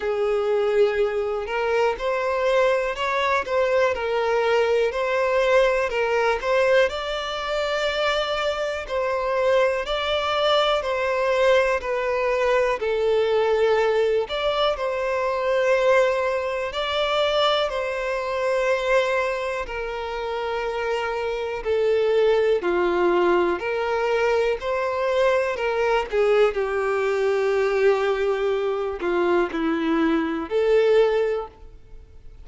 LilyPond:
\new Staff \with { instrumentName = "violin" } { \time 4/4 \tempo 4 = 61 gis'4. ais'8 c''4 cis''8 c''8 | ais'4 c''4 ais'8 c''8 d''4~ | d''4 c''4 d''4 c''4 | b'4 a'4. d''8 c''4~ |
c''4 d''4 c''2 | ais'2 a'4 f'4 | ais'4 c''4 ais'8 gis'8 g'4~ | g'4. f'8 e'4 a'4 | }